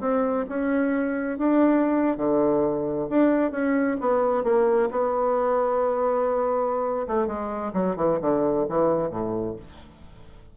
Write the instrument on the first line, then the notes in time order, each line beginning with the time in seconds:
bassoon
0.00 C4
0.49 C#4
1.38 D4
2.17 D3
3.09 D4
3.51 C#4
4.00 B3
4.44 A#3
4.91 B3
7.07 A3
7.27 G#3
7.73 F#3
7.96 E3
8.21 D3
8.69 E3
9.10 A2